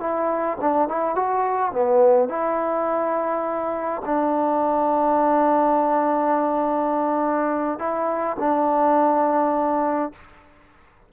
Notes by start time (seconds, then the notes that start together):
0.00 E4
0.61 D4
0.89 E4
1.15 F#4
1.72 B3
2.29 E4
4.05 D4
7.79 E4
8.39 D4